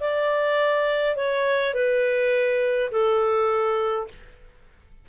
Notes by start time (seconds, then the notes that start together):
0.00 D5
1.17 C#5
1.74 B4
2.92 A4